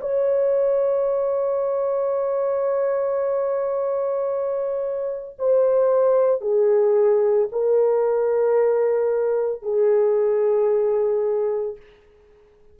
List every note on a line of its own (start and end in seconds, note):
0.00 5.36 C#5
5.38 6.41 C5
6.41 7.48 G#4
7.51 9.62 A#4
9.62 11.76 G#4